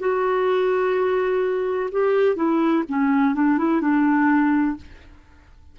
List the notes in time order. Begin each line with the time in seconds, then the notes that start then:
0.00 F#4
1.92 G4
2.36 E4
2.89 C#4
3.35 D4
3.58 E4
3.82 D4